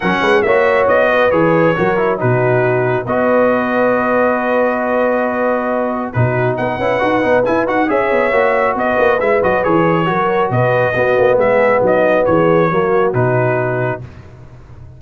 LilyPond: <<
  \new Staff \with { instrumentName = "trumpet" } { \time 4/4 \tempo 4 = 137 fis''4 e''4 dis''4 cis''4~ | cis''4 b'2 dis''4~ | dis''1~ | dis''2 b'4 fis''4~ |
fis''4 gis''8 fis''8 e''2 | dis''4 e''8 dis''8 cis''2 | dis''2 e''4 dis''4 | cis''2 b'2 | }
  \new Staff \with { instrumentName = "horn" } { \time 4/4 ais'8 b'8 cis''4. b'4. | ais'4 fis'2 b'4~ | b'1~ | b'2 fis'4 b'4~ |
b'2 cis''2 | b'2. ais'4 | b'4 fis'4 gis'4 dis'4 | gis'4 fis'2. | }
  \new Staff \with { instrumentName = "trombone" } { \time 4/4 cis'4 fis'2 gis'4 | fis'8 e'8 dis'2 fis'4~ | fis'1~ | fis'2 dis'4. e'8 |
fis'8 dis'8 e'8 fis'8 gis'4 fis'4~ | fis'4 e'8 fis'8 gis'4 fis'4~ | fis'4 b2.~ | b4 ais4 dis'2 | }
  \new Staff \with { instrumentName = "tuba" } { \time 4/4 fis8 gis8 ais4 b4 e4 | fis4 b,2 b4~ | b1~ | b2 b,4 b8 cis'8 |
dis'8 b8 e'8 dis'8 cis'8 b8 ais4 | b8 ais8 gis8 fis8 e4 fis4 | b,4 b8 ais8 gis4 fis4 | e4 fis4 b,2 | }
>>